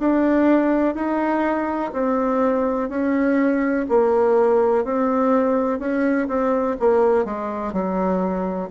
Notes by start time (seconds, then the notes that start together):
0.00 D4
0.95 D#4
1.94 C4
2.90 C#4
3.89 A#3
4.85 C4
5.80 C#4
6.29 C4
6.80 A#3
7.25 G#3
7.73 F#3